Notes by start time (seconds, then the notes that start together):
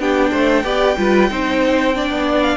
0.00 B3 D4 G4 G5
0.31 A3 C5
0.64 B3 G4 D5
0.98 G3 F4 B4
1.30 C4 D#4 C5
1.95 D4 D5
2.10 B3
2.42 F5